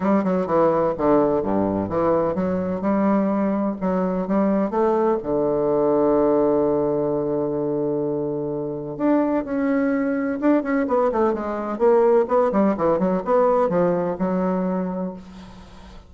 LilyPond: \new Staff \with { instrumentName = "bassoon" } { \time 4/4 \tempo 4 = 127 g8 fis8 e4 d4 g,4 | e4 fis4 g2 | fis4 g4 a4 d4~ | d1~ |
d2. d'4 | cis'2 d'8 cis'8 b8 a8 | gis4 ais4 b8 g8 e8 fis8 | b4 f4 fis2 | }